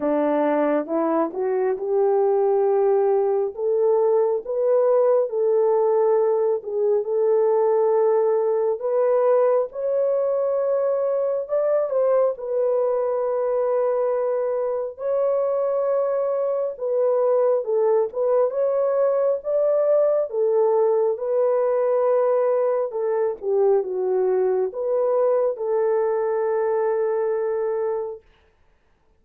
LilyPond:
\new Staff \with { instrumentName = "horn" } { \time 4/4 \tempo 4 = 68 d'4 e'8 fis'8 g'2 | a'4 b'4 a'4. gis'8 | a'2 b'4 cis''4~ | cis''4 d''8 c''8 b'2~ |
b'4 cis''2 b'4 | a'8 b'8 cis''4 d''4 a'4 | b'2 a'8 g'8 fis'4 | b'4 a'2. | }